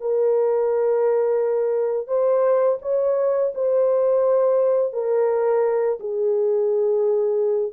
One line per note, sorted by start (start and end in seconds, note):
0.00 2.08 A#4
2.08 2.78 C5
2.82 3.53 C#5
3.55 4.93 C5
4.93 5.99 A#4
6.00 7.73 G#4